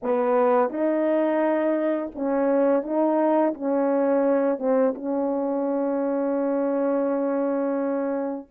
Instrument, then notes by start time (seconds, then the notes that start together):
horn
0.03 B3
0.69 D#4
2.14 C#4
2.83 D#4
3.54 C#4
4.59 C4
4.94 C#4